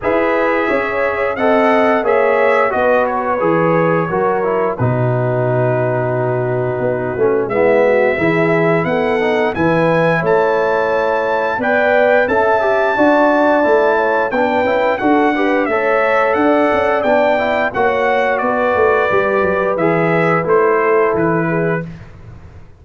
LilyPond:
<<
  \new Staff \with { instrumentName = "trumpet" } { \time 4/4 \tempo 4 = 88 e''2 fis''4 e''4 | dis''8 cis''2~ cis''8 b'4~ | b'2. e''4~ | e''4 fis''4 gis''4 a''4~ |
a''4 g''4 a''2~ | a''4 g''4 fis''4 e''4 | fis''4 g''4 fis''4 d''4~ | d''4 e''4 c''4 b'4 | }
  \new Staff \with { instrumentName = "horn" } { \time 4/4 b'4 cis''4 dis''4 cis''4 | b'2 ais'4 fis'4~ | fis'2. e'8 fis'8 | gis'4 a'4 b'4 cis''4~ |
cis''4 d''4 e''4 d''4~ | d''8 cis''8 b'4 a'8 b'8 cis''4 | d''2 cis''4 b'4~ | b'2~ b'8 a'4 gis'8 | }
  \new Staff \with { instrumentName = "trombone" } { \time 4/4 gis'2 a'4 gis'4 | fis'4 gis'4 fis'8 e'8 dis'4~ | dis'2~ dis'8 cis'8 b4 | e'4. dis'8 e'2~ |
e'4 b'4 a'8 g'8 fis'4 | e'4 d'8 e'8 fis'8 g'8 a'4~ | a'4 d'8 e'8 fis'2 | g'4 gis'4 e'2 | }
  \new Staff \with { instrumentName = "tuba" } { \time 4/4 e'4 cis'4 c'4 ais4 | b4 e4 fis4 b,4~ | b,2 b8 a8 gis4 | e4 b4 e4 a4~ |
a4 b4 cis'4 d'4 | a4 b8 cis'8 d'4 a4 | d'8 cis'8 b4 ais4 b8 a8 | g8 fis8 e4 a4 e4 | }
>>